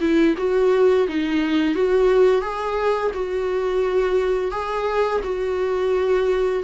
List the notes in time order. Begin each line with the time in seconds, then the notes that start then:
0.00 E4
0.37 F#4
1.08 D#4
1.74 F#4
2.41 G#4
3.14 F#4
4.51 G#4
5.23 F#4